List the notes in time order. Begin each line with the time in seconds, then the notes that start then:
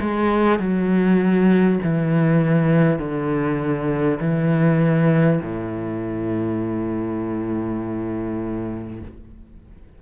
0.00 G#3
0.59 F#3
1.83 E3
2.98 D3
4.20 E3
5.42 A2